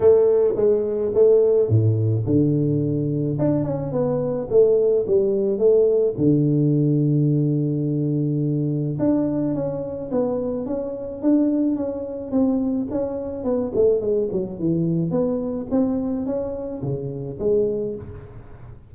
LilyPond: \new Staff \with { instrumentName = "tuba" } { \time 4/4 \tempo 4 = 107 a4 gis4 a4 a,4 | d2 d'8 cis'8 b4 | a4 g4 a4 d4~ | d1 |
d'4 cis'4 b4 cis'4 | d'4 cis'4 c'4 cis'4 | b8 a8 gis8 fis8 e4 b4 | c'4 cis'4 cis4 gis4 | }